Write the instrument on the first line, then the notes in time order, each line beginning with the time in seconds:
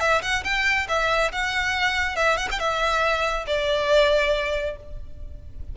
violin
0.00 E5
0.22 F#5
0.44 G5
0.88 E5
1.32 F#5
2.16 E5
2.37 F#5
2.51 G5
2.59 E5
3.47 D5